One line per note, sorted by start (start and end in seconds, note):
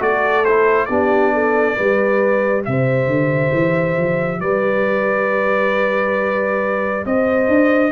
0.00 0.89 A3
0.00 0.44 F#4
0.00 0.88 A4
0.00 0.45 D5
0.45 0.90 E4
0.45 0.86 C5
0.86 1.78 B3
0.86 1.78 D4
0.86 1.34 G4
0.86 2.63 D5
1.34 1.76 A4
1.76 2.67 G3
1.76 7.92 G4
1.76 2.64 B4
2.65 3.07 C3
2.65 4.42 C5
2.65 4.41 E5
3.07 3.51 D3
3.53 3.98 E3
3.98 4.41 F3
4.41 7.05 G3
4.41 7.07 B4
4.41 7.06 D5
7.06 7.49 C4
7.06 7.92 C5
7.06 7.92 D#5
7.49 7.92 D4